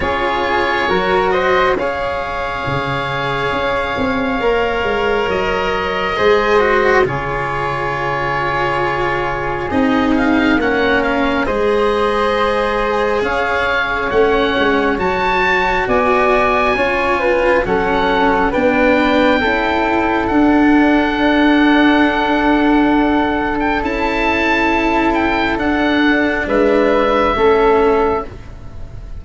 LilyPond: <<
  \new Staff \with { instrumentName = "oboe" } { \time 4/4 \tempo 4 = 68 cis''4. dis''8 f''2~ | f''2 dis''2 | cis''2. dis''8 f''8 | fis''8 f''8 dis''2 f''4 |
fis''4 a''4 gis''2 | fis''4 g''2 fis''4~ | fis''2~ fis''8. g''16 a''4~ | a''8 g''8 fis''4 e''2 | }
  \new Staff \with { instrumentName = "flute" } { \time 4/4 gis'4 ais'8 c''8 cis''2~ | cis''2. c''4 | gis'1 | ais'4 c''2 cis''4~ |
cis''2 d''4 cis''8 b'8 | a'4 b'4 a'2~ | a'1~ | a'2 b'4 a'4 | }
  \new Staff \with { instrumentName = "cello" } { \time 4/4 f'4 fis'4 gis'2~ | gis'4 ais'2 gis'8 fis'8 | f'2. dis'4 | cis'4 gis'2. |
cis'4 fis'2 f'4 | cis'4 d'4 e'4 d'4~ | d'2. e'4~ | e'4 d'2 cis'4 | }
  \new Staff \with { instrumentName = "tuba" } { \time 4/4 cis'4 fis4 cis'4 cis4 | cis'8 c'8 ais8 gis8 fis4 gis4 | cis2. c'4 | ais4 gis2 cis'4 |
a8 gis8 fis4 b4 cis'4 | fis4 b4 cis'4 d'4~ | d'2. cis'4~ | cis'4 d'4 gis4 a4 | }
>>